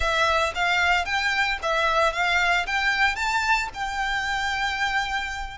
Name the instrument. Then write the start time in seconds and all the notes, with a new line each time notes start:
violin
0.00 E5
0.54 F5
1.05 G5
1.62 E5
2.12 F5
2.66 G5
3.15 A5
3.74 G5